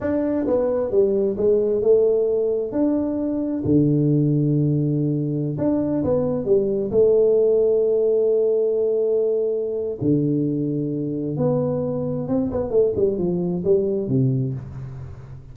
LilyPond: \new Staff \with { instrumentName = "tuba" } { \time 4/4 \tempo 4 = 132 d'4 b4 g4 gis4 | a2 d'2 | d1~ | d16 d'4 b4 g4 a8.~ |
a1~ | a2 d2~ | d4 b2 c'8 b8 | a8 g8 f4 g4 c4 | }